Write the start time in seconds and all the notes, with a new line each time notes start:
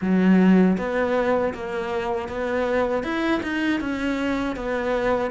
0.01 F#3
0.77 B3
1.54 A#3
2.28 B3
3.03 E4
3.42 D#4
3.80 C#4
4.56 B3